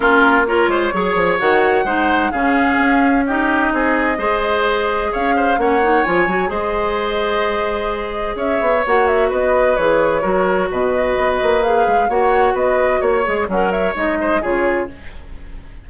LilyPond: <<
  \new Staff \with { instrumentName = "flute" } { \time 4/4 \tempo 4 = 129 ais'4 cis''2 fis''4~ | fis''4 f''2 dis''4~ | dis''2. f''4 | fis''4 gis''4 dis''2~ |
dis''2 e''4 fis''8 e''8 | dis''4 cis''2 dis''4~ | dis''4 f''4 fis''4 dis''4 | cis''4 fis''8 e''8 dis''4 cis''4 | }
  \new Staff \with { instrumentName = "oboe" } { \time 4/4 f'4 ais'8 c''8 cis''2 | c''4 gis'2 g'4 | gis'4 c''2 cis''8 c''8 | cis''2 c''2~ |
c''2 cis''2 | b'2 ais'4 b'4~ | b'2 cis''4 b'4 | cis''4 cis'8 cis''4 c''8 gis'4 | }
  \new Staff \with { instrumentName = "clarinet" } { \time 4/4 cis'4 f'4 gis'4 fis'4 | dis'4 cis'2 dis'4~ | dis'4 gis'2. | cis'8 dis'8 f'8 fis'8 gis'2~ |
gis'2. fis'4~ | fis'4 gis'4 fis'2~ | fis'4 gis'4 fis'2~ | fis'8 gis'8 ais'4 dis'4 f'4 | }
  \new Staff \with { instrumentName = "bassoon" } { \time 4/4 ais4. gis8 fis8 f8 dis4 | gis4 cis4 cis'2 | c'4 gis2 cis'4 | ais4 f8 fis8 gis2~ |
gis2 cis'8 b8 ais4 | b4 e4 fis4 b,4 | b8 ais4 gis8 ais4 b4 | ais8 gis8 fis4 gis4 cis4 | }
>>